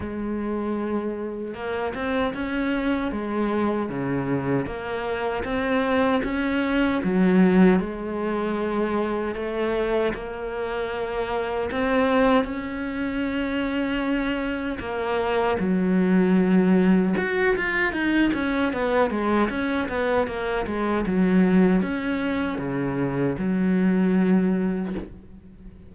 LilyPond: \new Staff \with { instrumentName = "cello" } { \time 4/4 \tempo 4 = 77 gis2 ais8 c'8 cis'4 | gis4 cis4 ais4 c'4 | cis'4 fis4 gis2 | a4 ais2 c'4 |
cis'2. ais4 | fis2 fis'8 f'8 dis'8 cis'8 | b8 gis8 cis'8 b8 ais8 gis8 fis4 | cis'4 cis4 fis2 | }